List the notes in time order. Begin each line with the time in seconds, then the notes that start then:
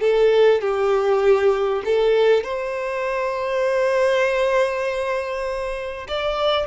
0.00 A4
0.61 G4
1.85 A4
2.44 C5
6.08 D5